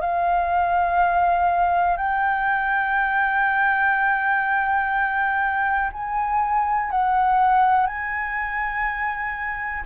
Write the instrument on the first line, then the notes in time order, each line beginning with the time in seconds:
flute
0.00 F5
1.97 G5
5.92 G#5
6.90 F#5
7.86 G#5